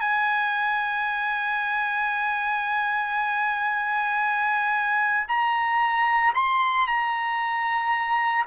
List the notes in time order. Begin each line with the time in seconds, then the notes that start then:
0.00 G#5
5.28 A#5
6.34 C6
6.87 A#5